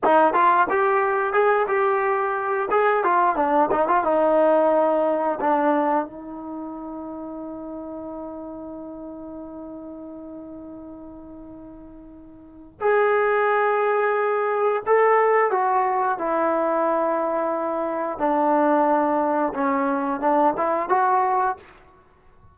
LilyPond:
\new Staff \with { instrumentName = "trombone" } { \time 4/4 \tempo 4 = 89 dis'8 f'8 g'4 gis'8 g'4. | gis'8 f'8 d'8 dis'16 f'16 dis'2 | d'4 dis'2.~ | dis'1~ |
dis'2. gis'4~ | gis'2 a'4 fis'4 | e'2. d'4~ | d'4 cis'4 d'8 e'8 fis'4 | }